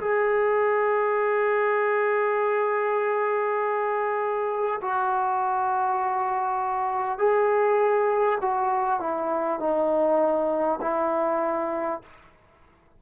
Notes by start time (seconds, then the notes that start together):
0.00 G#4
4.81 F#4
7.18 G#4
8.41 F#4
9.00 E4
9.59 D#4
10.81 E4